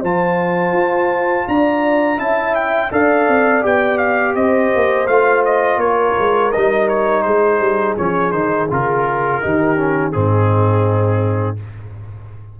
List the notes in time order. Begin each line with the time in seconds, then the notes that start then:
0.00 F3 F4 C5 A5
0.72 F4
1.47 D4 D5 A#5
2.17 C#4 E4 E5 A5
2.55 G5
2.91 D4 A4 D5 F5
3.28 C4
3.61 B3 G4 G5
3.98 F5
4.35 C4 C5 D#5
4.75 A#3
5.07 A3 F4 F5
5.45 D#5
5.77 A#3 A#4 C#5
6.18 G#3
6.52 G3 D#4 D#5
6.88 C#5
7.22 G#3 G#4 C5
7.60 G3
7.97 F3 C#4 C#5
8.31 D#3 D#4 C5
8.69 C#3 F4 A#4
9.41 D#3 D#4 G4
9.76 C#4
10.12 G#2 C4 D#4 G#4